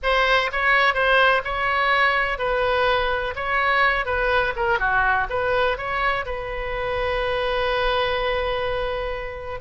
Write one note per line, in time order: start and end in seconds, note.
0.02 0.50 C5
0.51 0.94 C#5
0.94 1.42 C5
1.44 2.38 C#5
2.38 3.34 B4
3.35 4.05 C#5
4.05 4.53 B4
4.56 4.79 A#4
4.79 5.27 F#4
5.29 5.77 B4
5.77 6.25 C#5
6.25 9.60 B4